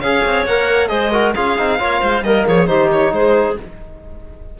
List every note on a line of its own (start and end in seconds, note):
0.00 0.25 C#4
0.00 0.47 G#4
0.00 0.90 C#5
0.00 0.44 F5
0.25 0.45 C4
0.45 0.90 A#3
0.45 0.88 A#4
0.45 0.88 F#5
0.88 1.35 G#3
0.88 1.10 G#4
0.88 1.11 C5
0.88 1.32 D#5
1.11 1.35 F#4
1.11 1.34 A#4
1.34 1.58 C#4
1.34 1.58 F4
1.34 1.78 G#4
1.34 2.23 F5
1.58 1.79 C4
1.58 1.79 D#4
1.79 2.01 A#3
1.79 2.24 F4
1.79 2.01 C#5
2.01 2.22 G#3
2.01 2.23 C5
2.22 2.44 G3
2.22 2.67 A#3
2.22 2.47 A#4
2.22 2.45 D#5
2.47 2.69 F3
2.47 2.68 G#4
2.47 2.67 C#5
2.67 3.12 D#3
2.67 3.56 D#4
2.67 3.12 G4
2.67 2.89 C5
2.92 3.13 C#5
3.12 3.56 G#3
3.12 3.59 G#4
3.12 3.58 C5